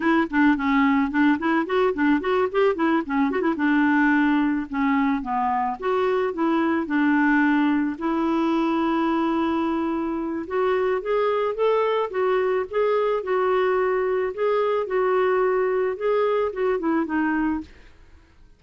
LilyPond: \new Staff \with { instrumentName = "clarinet" } { \time 4/4 \tempo 4 = 109 e'8 d'8 cis'4 d'8 e'8 fis'8 d'8 | fis'8 g'8 e'8 cis'8 fis'16 e'16 d'4.~ | d'8 cis'4 b4 fis'4 e'8~ | e'8 d'2 e'4.~ |
e'2. fis'4 | gis'4 a'4 fis'4 gis'4 | fis'2 gis'4 fis'4~ | fis'4 gis'4 fis'8 e'8 dis'4 | }